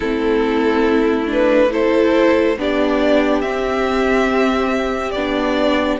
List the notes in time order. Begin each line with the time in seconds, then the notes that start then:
0.00 A3 C4 E4 A4
1.26 D4 B4
1.70 E4 A4 C5
2.57 B3 D4 G4 D5
3.41 C4 E5
5.11 B3 D4 D5